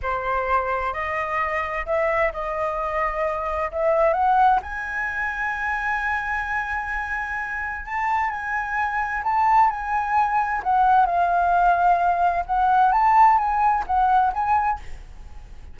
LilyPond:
\new Staff \with { instrumentName = "flute" } { \time 4/4 \tempo 4 = 130 c''2 dis''2 | e''4 dis''2. | e''4 fis''4 gis''2~ | gis''1~ |
gis''4 a''4 gis''2 | a''4 gis''2 fis''4 | f''2. fis''4 | a''4 gis''4 fis''4 gis''4 | }